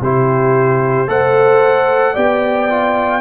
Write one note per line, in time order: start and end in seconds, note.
0.00 1.07 C3
0.00 1.07 E4
0.00 1.09 G4
0.00 1.09 C5
1.07 2.15 A3
1.07 2.14 A4
1.07 2.13 C5
1.07 2.15 F#5
2.13 3.21 B3
2.13 2.68 G4
2.13 3.20 D5
2.13 3.21 G5
2.69 3.21 F4